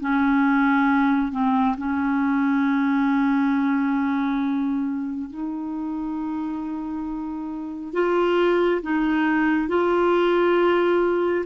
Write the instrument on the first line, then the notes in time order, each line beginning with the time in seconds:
clarinet
0.00 C#4
1.32 C4
1.78 C#4
5.29 D#4
7.93 F4
8.82 D#4
9.68 F4